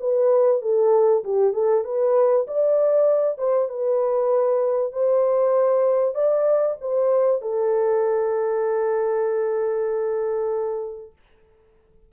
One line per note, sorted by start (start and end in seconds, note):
0.00 0.62 B4
0.62 1.23 A4
1.24 1.53 G4
1.53 1.84 A4
1.84 2.46 B4
2.47 3.38 D5
3.38 3.69 C5
3.69 4.92 B4
4.92 6.15 C5
6.15 6.76 D5
6.81 7.41 C5
7.41 11.13 A4